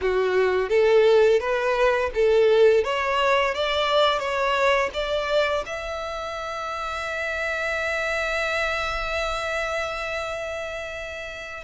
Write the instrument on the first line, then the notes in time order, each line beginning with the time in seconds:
violin
0.01 F#4
0.69 A4
1.39 B4
2.14 A4
2.84 C#5
3.54 D5
4.19 C#5
4.93 D5
5.65 E5